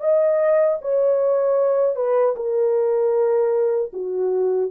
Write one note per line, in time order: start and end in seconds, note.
0.00 0.78 D#5
0.81 1.96 C#5
1.96 2.35 B4
2.36 3.92 A#4
3.93 4.71 F#4